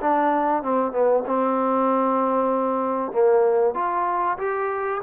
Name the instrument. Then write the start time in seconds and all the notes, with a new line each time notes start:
trombone
0.00 D4
0.63 C4
0.92 B3
1.26 C4
3.12 A#3
3.74 F4
4.38 G4